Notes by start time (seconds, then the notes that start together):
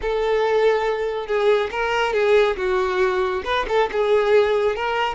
0.01 A4
1.27 G#4
1.71 A#4
2.13 G#4
2.56 F#4
3.44 B4
3.68 A4
3.91 G#4
4.75 A#4